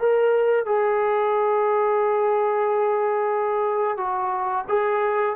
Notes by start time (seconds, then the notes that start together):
0.00 A#4
0.66 G#4
3.97 F#4
4.69 G#4